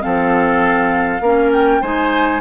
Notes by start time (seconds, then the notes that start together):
0.00 F3 C4 A4 F5
1.21 A#3 C#4 A#4
1.52 G5
1.81 G#3 D#4 C5 G#5